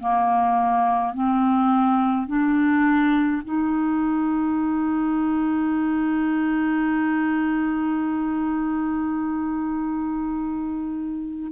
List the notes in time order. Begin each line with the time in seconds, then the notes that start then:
0.00 A#3
1.14 C4
2.27 D4
3.45 D#4